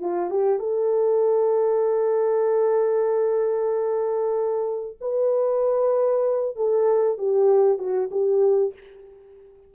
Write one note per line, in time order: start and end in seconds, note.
0.00 0.30 F4
0.30 0.59 G4
0.59 4.97 A4
5.01 6.56 B4
6.56 7.18 A4
7.18 7.78 G4
7.78 8.10 F#4
8.11 8.74 G4